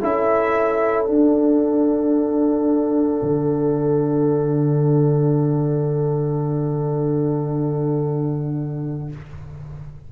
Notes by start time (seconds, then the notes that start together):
0.00 C#4 E4 A4 E5
1.03 D4 F#5
3.22 D3